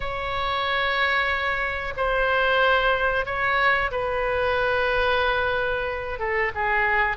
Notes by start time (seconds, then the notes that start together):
0.00 C#5
1.96 C5
3.25 C#5
3.91 B4
6.19 A4
6.55 G#4